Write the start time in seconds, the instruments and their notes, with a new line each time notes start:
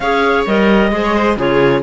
0.00 cello C#4, clarinet G#4 F5, viola C#5
0.46 cello G3, clarinet A#4 D#5
0.91 cello G#3, clarinet G#4, viola C5
1.04 viola C#5
1.14 viola C5
1.36 cello C#3, clarinet F4 C#5, viola G#4